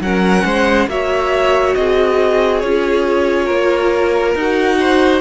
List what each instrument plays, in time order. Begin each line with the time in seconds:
0.00 cello F#3, viola C#4, violin A#4 F#5
0.44 cello G#3, violin C5
0.87 cello A#3, viola F#4, violin C#5 E5
1.75 cello C4, violin G#4 D#5
2.59 cello C#4, viola F4, violin C#5
3.45 cello A#3, violin A#4
4.35 cello D#4, viola F#4, violin F#5
4.80 violin C5